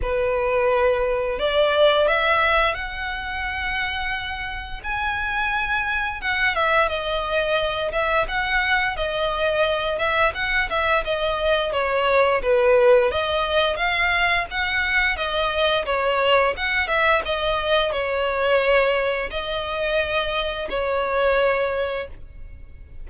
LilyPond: \new Staff \with { instrumentName = "violin" } { \time 4/4 \tempo 4 = 87 b'2 d''4 e''4 | fis''2. gis''4~ | gis''4 fis''8 e''8 dis''4. e''8 | fis''4 dis''4. e''8 fis''8 e''8 |
dis''4 cis''4 b'4 dis''4 | f''4 fis''4 dis''4 cis''4 | fis''8 e''8 dis''4 cis''2 | dis''2 cis''2 | }